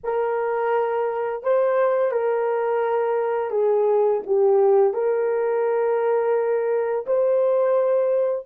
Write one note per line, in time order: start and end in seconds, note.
0.03 1.43 A#4
1.43 2.11 C5
2.11 3.50 A#4
3.50 4.21 G#4
4.26 4.93 G4
4.93 7.05 A#4
7.06 8.45 C5